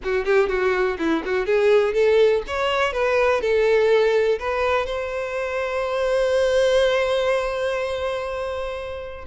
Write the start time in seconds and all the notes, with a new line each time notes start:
0.03 F#4
0.25 G4
0.49 F#4
0.98 E4
1.25 F#4
1.46 G#4
1.93 A4
2.47 C#5
2.93 B4
3.41 A4
4.39 B4
4.86 C5